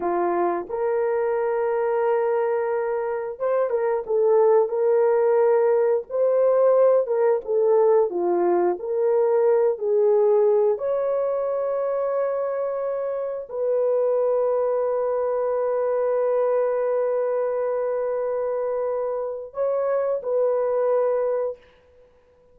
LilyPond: \new Staff \with { instrumentName = "horn" } { \time 4/4 \tempo 4 = 89 f'4 ais'2.~ | ais'4 c''8 ais'8 a'4 ais'4~ | ais'4 c''4. ais'8 a'4 | f'4 ais'4. gis'4. |
cis''1 | b'1~ | b'1~ | b'4 cis''4 b'2 | }